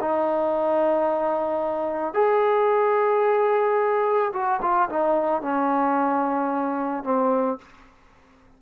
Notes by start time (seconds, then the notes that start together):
0.00 D#4
2.14 G#4
4.33 F#4
4.62 F4
4.89 D#4
5.42 C#4
7.04 C4